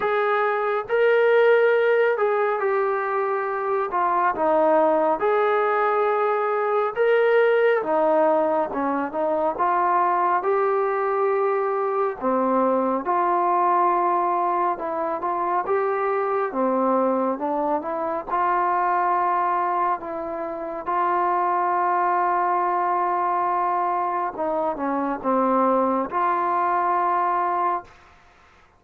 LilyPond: \new Staff \with { instrumentName = "trombone" } { \time 4/4 \tempo 4 = 69 gis'4 ais'4. gis'8 g'4~ | g'8 f'8 dis'4 gis'2 | ais'4 dis'4 cis'8 dis'8 f'4 | g'2 c'4 f'4~ |
f'4 e'8 f'8 g'4 c'4 | d'8 e'8 f'2 e'4 | f'1 | dis'8 cis'8 c'4 f'2 | }